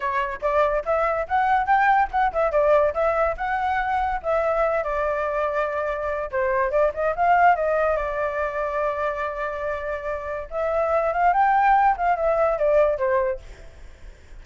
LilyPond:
\new Staff \with { instrumentName = "flute" } { \time 4/4 \tempo 4 = 143 cis''4 d''4 e''4 fis''4 | g''4 fis''8 e''8 d''4 e''4 | fis''2 e''4. d''8~ | d''2. c''4 |
d''8 dis''8 f''4 dis''4 d''4~ | d''1~ | d''4 e''4. f''8 g''4~ | g''8 f''8 e''4 d''4 c''4 | }